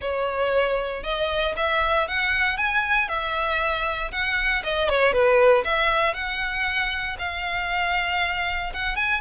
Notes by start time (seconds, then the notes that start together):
0.01 C#5
1.03 D#5
1.56 E5
2.08 F#5
2.57 G#5
3.08 E5
4.11 F#5
4.63 D#5
4.89 C#5
5.12 B4
5.64 E5
6.14 F#5
7.18 F5
8.73 F#5
8.96 G#5